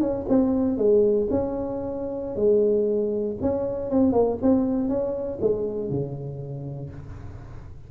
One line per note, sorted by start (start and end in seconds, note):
0.00 0.25 C#4
0.29 0.77 C4
0.77 1.27 G#3
1.30 2.36 C#4
2.36 3.36 G#3
3.41 3.90 C#4
3.90 4.12 C4
4.12 4.37 A#3
4.42 4.88 C4
4.88 5.38 C#4
5.41 5.90 G#3
5.90 6.90 C#3